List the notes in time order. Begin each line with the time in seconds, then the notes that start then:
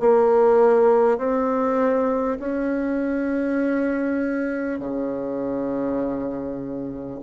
0.00 A#3
1.18 C4
2.39 C#4
4.79 C#3